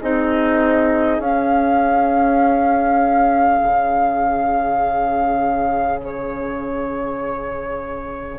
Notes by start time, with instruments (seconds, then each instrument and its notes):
0.00 bassoon C4, clarinet D#4, oboe G#4, flute D#5
1.19 bassoon C#4, clarinet C#4, flute F5
3.63 bassoon C#3
6.04 flute C#5